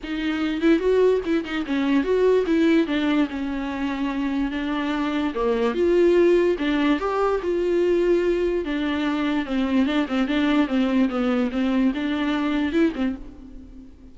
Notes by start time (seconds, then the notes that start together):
0.03 D#4
0.61 E4
0.79 F#4
1.25 E4
1.44 D#4
1.66 C#4
2.03 F#4
2.46 E4
2.86 D4
3.29 C#4
4.51 D4
5.34 A#3
5.74 F4
6.58 D4
6.99 G4
7.42 F4
8.65 D4
9.45 C4
9.86 D4
10.08 C4
10.27 D4
10.67 C4
11.09 B3
11.51 C4
11.94 D4
12.72 E4
12.95 C4